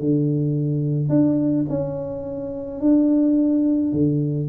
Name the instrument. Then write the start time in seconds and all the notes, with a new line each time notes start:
tuba
0.00 D3
1.09 D4
1.69 C#4
2.80 D4
3.92 D3